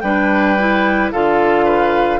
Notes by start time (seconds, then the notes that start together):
0.00 G3 D4 B4 G5
0.59 E4
1.12 D3 F4 A4 F5
1.65 B4